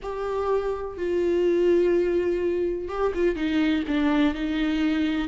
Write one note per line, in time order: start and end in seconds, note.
0.02 0.97 G4
0.97 2.88 F4
2.88 3.12 G4
3.14 3.35 F4
3.35 3.83 D#4
3.87 4.34 D4
4.34 5.28 D#4